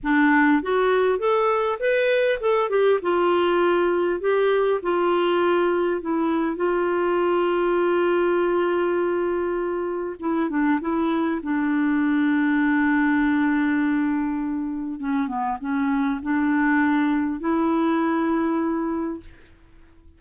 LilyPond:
\new Staff \with { instrumentName = "clarinet" } { \time 4/4 \tempo 4 = 100 d'4 fis'4 a'4 b'4 | a'8 g'8 f'2 g'4 | f'2 e'4 f'4~ | f'1~ |
f'4 e'8 d'8 e'4 d'4~ | d'1~ | d'4 cis'8 b8 cis'4 d'4~ | d'4 e'2. | }